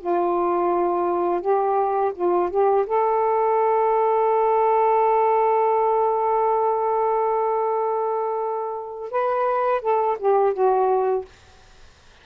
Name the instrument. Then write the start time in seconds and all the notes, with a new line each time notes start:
saxophone
0.00 F4
1.41 G4
2.15 F4
2.50 G4
2.86 A4
9.11 B4
9.81 A4
10.19 G4
10.54 F#4